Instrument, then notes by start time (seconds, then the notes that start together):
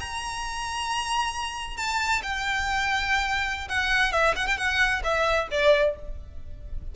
violin
0.00 A#5
1.77 A5
2.23 G5
3.69 F#5
4.12 E5
4.36 F#5
4.47 G5
4.57 F#5
5.04 E5
5.51 D5